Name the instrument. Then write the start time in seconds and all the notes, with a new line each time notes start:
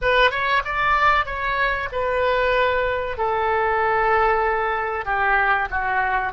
oboe
0.01 B4
0.30 C#5
0.64 D5
1.25 C#5
1.91 B4
3.17 A4
5.05 G4
5.70 F#4